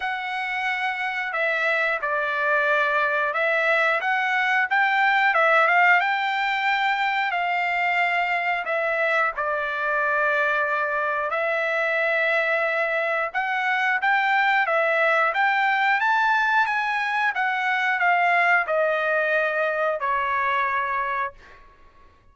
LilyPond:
\new Staff \with { instrumentName = "trumpet" } { \time 4/4 \tempo 4 = 90 fis''2 e''4 d''4~ | d''4 e''4 fis''4 g''4 | e''8 f''8 g''2 f''4~ | f''4 e''4 d''2~ |
d''4 e''2. | fis''4 g''4 e''4 g''4 | a''4 gis''4 fis''4 f''4 | dis''2 cis''2 | }